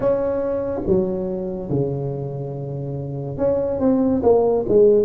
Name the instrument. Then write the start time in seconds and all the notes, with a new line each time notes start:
tuba
0.00 C#4
0.86 F#3
1.69 C#3
3.37 C#4
3.79 C4
4.23 A#3
4.68 G#3